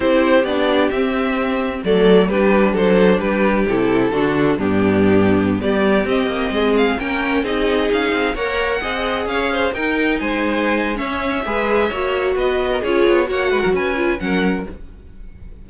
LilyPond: <<
  \new Staff \with { instrumentName = "violin" } { \time 4/4 \tempo 4 = 131 c''4 d''4 e''2 | d''4 b'4 c''4 b'4 | a'2 g'2~ | g'16 d''4 dis''4. f''8 g''8.~ |
g''16 dis''4 f''4 fis''4.~ fis''16~ | fis''16 f''4 g''4 gis''4.~ gis''16 | e''2. dis''4 | cis''4 fis''4 gis''4 fis''4 | }
  \new Staff \with { instrumentName = "violin" } { \time 4/4 g'1 | a'4 g'4 a'4 g'4~ | g'4 fis'4 d'2~ | d'16 g'2 gis'4 ais'8.~ |
ais'16 gis'2 cis''4 dis''8.~ | dis''16 cis''8 c''8 ais'4 c''4.~ c''16 | cis''4 b'4 cis''4 b'8. ais'16 | gis'4 cis''8 b'16 ais'16 b'4 ais'4 | }
  \new Staff \with { instrumentName = "viola" } { \time 4/4 e'4 d'4 c'2 | a4 d'2. | e'4 d'4 b2~ | b4~ b16 c'2 cis'8.~ |
cis'16 dis'2 ais'4 gis'8.~ | gis'4~ gis'16 dis'2~ dis'8. | cis'4 gis'4 fis'2 | f'4 fis'4. f'8 cis'4 | }
  \new Staff \with { instrumentName = "cello" } { \time 4/4 c'4 b4 c'2 | fis4 g4 fis4 g4 | c4 d4 g,2~ | g,16 g4 c'8 ais8 gis4 ais8.~ |
ais16 c'4 cis'8 c'8 ais4 c'8.~ | c'16 cis'4 dis'4 gis4.~ gis16 | cis'4 gis4 ais4 b4 | cis'8 b8 ais8 gis16 fis16 cis'4 fis4 | }
>>